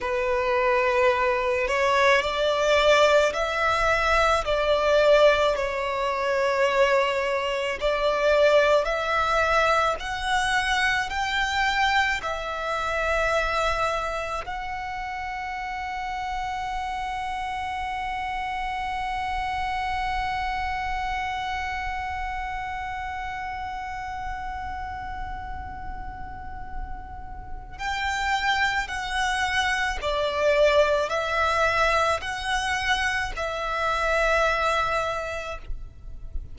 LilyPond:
\new Staff \with { instrumentName = "violin" } { \time 4/4 \tempo 4 = 54 b'4. cis''8 d''4 e''4 | d''4 cis''2 d''4 | e''4 fis''4 g''4 e''4~ | e''4 fis''2.~ |
fis''1~ | fis''1~ | fis''4 g''4 fis''4 d''4 | e''4 fis''4 e''2 | }